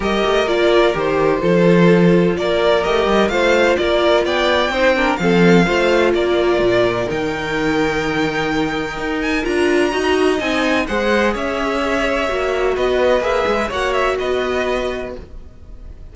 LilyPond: <<
  \new Staff \with { instrumentName = "violin" } { \time 4/4 \tempo 4 = 127 dis''4 d''4 c''2~ | c''4 d''4 dis''4 f''4 | d''4 g''2 f''4~ | f''4 d''2 g''4~ |
g''2.~ g''8 gis''8 | ais''2 gis''4 fis''4 | e''2. dis''4 | e''4 fis''8 e''8 dis''2 | }
  \new Staff \with { instrumentName = "violin" } { \time 4/4 ais'2. a'4~ | a'4 ais'2 c''4 | ais'4 d''4 c''8 ais'8 a'4 | c''4 ais'2.~ |
ais'1~ | ais'4 dis''2 c''4 | cis''2. b'4~ | b'4 cis''4 b'2 | }
  \new Staff \with { instrumentName = "viola" } { \time 4/4 g'4 f'4 g'4 f'4~ | f'2 g'4 f'4~ | f'2 dis'8 d'8 c'4 | f'2. dis'4~ |
dis'1 | f'4 fis'4 dis'4 gis'4~ | gis'2 fis'2 | gis'4 fis'2. | }
  \new Staff \with { instrumentName = "cello" } { \time 4/4 g8 a8 ais4 dis4 f4~ | f4 ais4 a8 g8 a4 | ais4 b4 c'4 f4 | a4 ais4 ais,4 dis4~ |
dis2. dis'4 | d'4 dis'4 c'4 gis4 | cis'2 ais4 b4 | ais8 gis8 ais4 b2 | }
>>